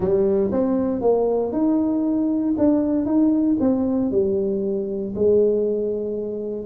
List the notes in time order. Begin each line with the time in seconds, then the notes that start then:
0.00 G3
0.51 C4
1.01 A#3
1.52 D#4
2.58 D4
3.05 D#4
3.59 C4
4.11 G3
5.15 G#3